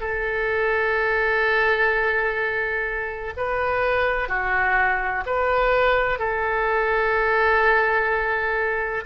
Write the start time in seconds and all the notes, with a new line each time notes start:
0.00 A4
3.36 B4
4.28 F#4
5.26 B4
6.19 A4